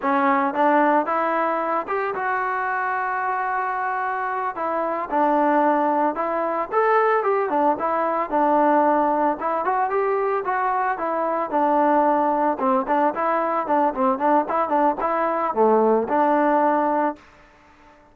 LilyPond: \new Staff \with { instrumentName = "trombone" } { \time 4/4 \tempo 4 = 112 cis'4 d'4 e'4. g'8 | fis'1~ | fis'8 e'4 d'2 e'8~ | e'8 a'4 g'8 d'8 e'4 d'8~ |
d'4. e'8 fis'8 g'4 fis'8~ | fis'8 e'4 d'2 c'8 | d'8 e'4 d'8 c'8 d'8 e'8 d'8 | e'4 a4 d'2 | }